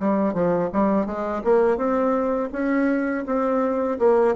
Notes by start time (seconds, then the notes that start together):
0.00 G3
0.34 F3
0.73 G3
1.06 G#3
1.44 A#3
1.77 C4
2.53 C#4
3.26 C4
3.99 A#3